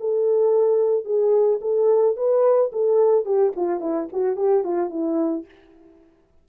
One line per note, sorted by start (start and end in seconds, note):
0.00 1.05 A4
1.05 1.60 G#4
1.61 2.16 A4
2.16 2.71 B4
2.72 3.25 A4
3.25 3.52 G4
3.56 3.80 F4
3.80 4.08 E4
4.12 4.36 F#4
4.36 4.64 G4
4.64 4.90 F4
4.90 5.45 E4